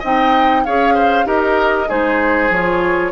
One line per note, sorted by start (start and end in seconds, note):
0.00 0.66 C4
0.00 0.66 D#4
0.00 0.62 D#5
0.00 0.65 G5
0.65 1.26 C#4
0.65 1.25 G#4
0.65 0.94 C#5
0.65 1.27 F5
0.94 1.26 C5
1.25 1.88 D#4
1.25 1.87 G4
1.25 1.89 A#4
1.25 1.90 D#5
1.89 2.50 G#3
1.89 2.51 D#4
1.89 3.12 G#4
1.89 2.52 C5
2.50 3.12 F3
2.50 3.12 F4
2.50 3.12 C#5